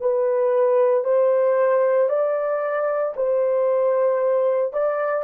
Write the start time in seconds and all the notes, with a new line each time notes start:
0.00 B4
1.04 C5
2.09 D5
3.16 C5
4.73 D5